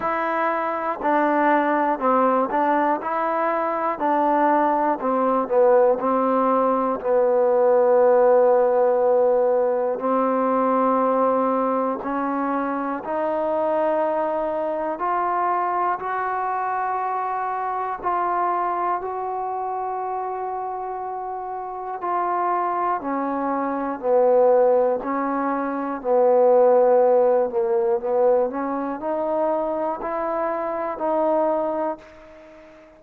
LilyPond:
\new Staff \with { instrumentName = "trombone" } { \time 4/4 \tempo 4 = 60 e'4 d'4 c'8 d'8 e'4 | d'4 c'8 b8 c'4 b4~ | b2 c'2 | cis'4 dis'2 f'4 |
fis'2 f'4 fis'4~ | fis'2 f'4 cis'4 | b4 cis'4 b4. ais8 | b8 cis'8 dis'4 e'4 dis'4 | }